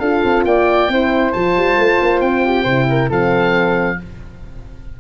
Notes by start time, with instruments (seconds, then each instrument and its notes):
0.00 tuba D4, horn F4, flute A4, oboe F5
0.24 tuba C4
0.45 tuba A#3, flute D5, oboe G5
0.89 tuba C4, horn E4, flute C5
1.33 tuba F3, horn F4, oboe A5
1.57 tuba G3
1.78 tuba A3
2.02 tuba A#3
2.21 tuba C4, oboe G5
2.45 flute G4
2.64 tuba C3, horn E4, flute C5
2.89 flute A#4
3.09 tuba F3, horn C4, flute A4, oboe F5